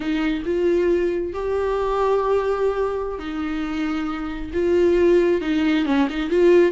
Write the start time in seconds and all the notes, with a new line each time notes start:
0.00 D#4
0.45 F4
1.33 G4
3.19 D#4
4.53 F4
5.41 D#4
5.85 C#4
6.09 D#4
6.30 F4